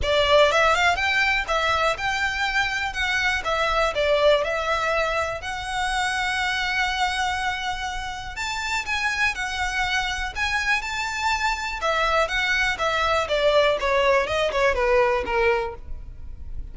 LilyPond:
\new Staff \with { instrumentName = "violin" } { \time 4/4 \tempo 4 = 122 d''4 e''8 f''8 g''4 e''4 | g''2 fis''4 e''4 | d''4 e''2 fis''4~ | fis''1~ |
fis''4 a''4 gis''4 fis''4~ | fis''4 gis''4 a''2 | e''4 fis''4 e''4 d''4 | cis''4 dis''8 cis''8 b'4 ais'4 | }